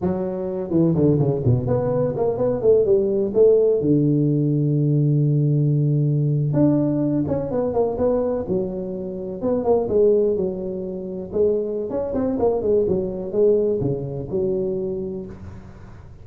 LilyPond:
\new Staff \with { instrumentName = "tuba" } { \time 4/4 \tempo 4 = 126 fis4. e8 d8 cis8 b,8 b8~ | b8 ais8 b8 a8 g4 a4 | d1~ | d4.~ d16 d'4. cis'8 b16~ |
b16 ais8 b4 fis2 b16~ | b16 ais8 gis4 fis2 gis16~ | gis4 cis'8 c'8 ais8 gis8 fis4 | gis4 cis4 fis2 | }